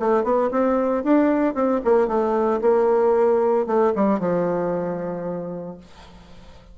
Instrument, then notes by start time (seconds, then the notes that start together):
bassoon
0.00 A3
0.24 B3
0.51 C4
1.04 D4
1.55 C4
1.84 A#3
2.08 A3
2.62 A#3
3.67 A3
3.95 G3
4.20 F3